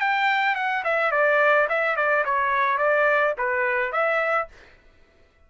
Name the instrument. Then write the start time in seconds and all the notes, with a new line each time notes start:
trumpet
0.00 G5
0.55 F#5
0.84 E5
1.11 D5
1.69 E5
1.96 D5
2.25 C#5
2.78 D5
3.38 B4
3.92 E5